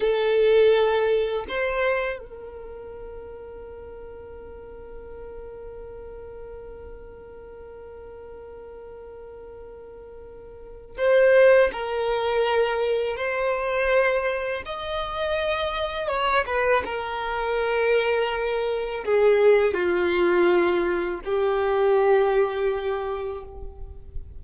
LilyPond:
\new Staff \with { instrumentName = "violin" } { \time 4/4 \tempo 4 = 82 a'2 c''4 ais'4~ | ais'1~ | ais'1~ | ais'2. c''4 |
ais'2 c''2 | dis''2 cis''8 b'8 ais'4~ | ais'2 gis'4 f'4~ | f'4 g'2. | }